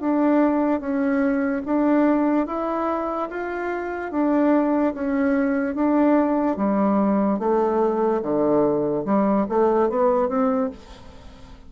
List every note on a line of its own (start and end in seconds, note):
0.00 0.80 D4
0.80 1.63 C#4
1.66 2.47 D4
2.47 3.29 E4
3.30 4.12 F4
4.12 4.94 D4
4.94 5.75 C#4
5.75 6.57 D4
6.57 7.39 G3
7.39 8.21 A3
8.22 9.04 D3
9.05 9.46 G3
9.49 9.89 A3
9.89 10.29 B3
10.29 10.70 C4